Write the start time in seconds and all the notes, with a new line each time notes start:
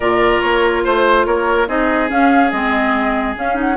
0.00 A#2 F4 A#4 D5
0.41 A#3 C#5
0.84 A3 C5
1.26 A#3 A#4 C#5
1.67 C4 D#4 G#4 D#5
2.08 C#4 F5
2.51 G#3 C4 D#5
3.36 C#4 F5
3.54 D#4 F#5